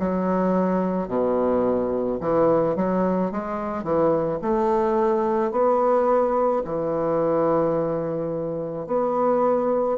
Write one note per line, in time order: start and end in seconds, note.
0.00 1.09 F#3
1.09 2.20 B2
2.21 2.76 E3
2.76 3.32 F#3
3.32 3.84 G#3
3.84 4.39 E3
4.42 5.52 A3
5.52 6.63 B3
6.65 8.87 E3
8.87 9.98 B3